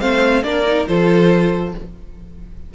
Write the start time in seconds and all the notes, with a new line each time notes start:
0.00 A3 C4 C5 F5
0.43 A#3 D4 A#4 D5
0.67 D#4
0.88 F3 F4 A4 C5